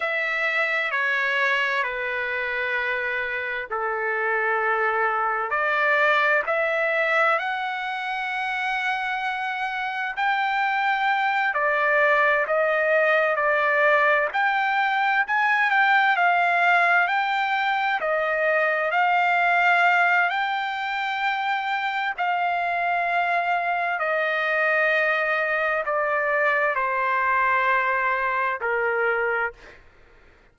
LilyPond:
\new Staff \with { instrumentName = "trumpet" } { \time 4/4 \tempo 4 = 65 e''4 cis''4 b'2 | a'2 d''4 e''4 | fis''2. g''4~ | g''8 d''4 dis''4 d''4 g''8~ |
g''8 gis''8 g''8 f''4 g''4 dis''8~ | dis''8 f''4. g''2 | f''2 dis''2 | d''4 c''2 ais'4 | }